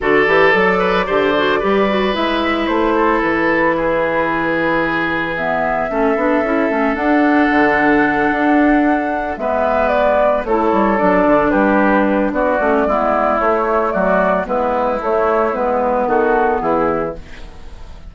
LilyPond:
<<
  \new Staff \with { instrumentName = "flute" } { \time 4/4 \tempo 4 = 112 d''1 | e''4 c''4 b'2~ | b'2 e''2~ | e''4 fis''2.~ |
fis''4. e''4 d''4 cis''8~ | cis''8 d''4 b'4. d''4~ | d''4 cis''4 d''4 b'4 | cis''4 b'4 a'4 gis'4 | }
  \new Staff \with { instrumentName = "oboe" } { \time 4/4 a'4. b'8 c''4 b'4~ | b'4. a'4. gis'4~ | gis'2. a'4~ | a'1~ |
a'4. b'2 a'8~ | a'4. g'4. fis'4 | e'2 fis'4 e'4~ | e'2 fis'4 e'4 | }
  \new Staff \with { instrumentName = "clarinet" } { \time 4/4 fis'8 g'8 a'4 g'8 fis'8 g'8 fis'8 | e'1~ | e'2 b4 cis'8 d'8 | e'8 cis'8 d'2.~ |
d'4. b2 e'8~ | e'8 d'2. cis'8 | b4 a2 b4 | a4 b2. | }
  \new Staff \with { instrumentName = "bassoon" } { \time 4/4 d8 e8 fis4 d4 g4 | gis4 a4 e2~ | e2. a8 b8 | cis'8 a8 d'4 d4. d'8~ |
d'4. gis2 a8 | g8 fis8 d8 g4. b8 a8 | gis4 a4 fis4 gis4 | a4 gis4 dis4 e4 | }
>>